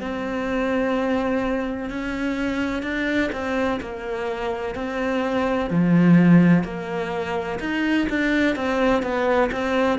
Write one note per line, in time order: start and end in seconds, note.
0.00 1.90 C4
1.90 2.83 C#4
2.83 3.30 D4
3.32 3.80 C4
3.81 4.75 A#3
4.75 5.70 C4
5.70 6.64 F3
6.64 7.59 A#3
7.60 8.07 D#4
8.09 8.56 D4
8.56 9.03 C4
9.03 9.50 B3
9.52 9.99 C4